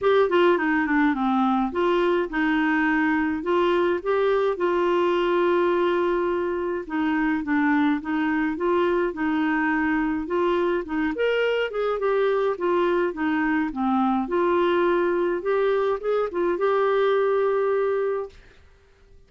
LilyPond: \new Staff \with { instrumentName = "clarinet" } { \time 4/4 \tempo 4 = 105 g'8 f'8 dis'8 d'8 c'4 f'4 | dis'2 f'4 g'4 | f'1 | dis'4 d'4 dis'4 f'4 |
dis'2 f'4 dis'8 ais'8~ | ais'8 gis'8 g'4 f'4 dis'4 | c'4 f'2 g'4 | gis'8 f'8 g'2. | }